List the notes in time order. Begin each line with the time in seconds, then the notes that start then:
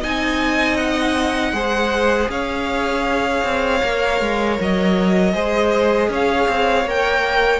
0.00 C4 D#4 D#5 G#5
0.76 F#5
1.52 G#3 G#4 C5
2.29 C#4 C#5 F5
3.44 C4
3.82 A#3 A#4
4.20 G#3
4.60 F#3 D#5
5.33 G#3 G#4 C5
6.09 C#4 C#5 F5
6.48 C4
6.85 A#3 A#4 G5